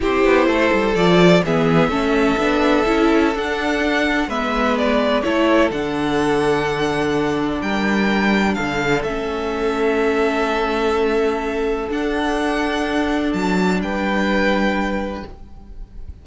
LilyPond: <<
  \new Staff \with { instrumentName = "violin" } { \time 4/4 \tempo 4 = 126 c''2 d''4 e''4~ | e''2. fis''4~ | fis''4 e''4 d''4 cis''4 | fis''1 |
g''2 f''4 e''4~ | e''1~ | e''4 fis''2. | a''4 g''2. | }
  \new Staff \with { instrumentName = "violin" } { \time 4/4 g'4 a'2 gis'4 | a'1~ | a'4 b'2 a'4~ | a'1 |
ais'2 a'2~ | a'1~ | a'1~ | a'4 b'2. | }
  \new Staff \with { instrumentName = "viola" } { \time 4/4 e'2 f'4 b4 | cis'4 d'4 e'4 d'4~ | d'4 b2 e'4 | d'1~ |
d'2. cis'4~ | cis'1~ | cis'4 d'2.~ | d'1 | }
  \new Staff \with { instrumentName = "cello" } { \time 4/4 c'8 b8 a8 g8 f4 e4 | a4 b4 cis'4 d'4~ | d'4 gis2 a4 | d1 |
g2 d4 a4~ | a1~ | a4 d'2. | fis4 g2. | }
>>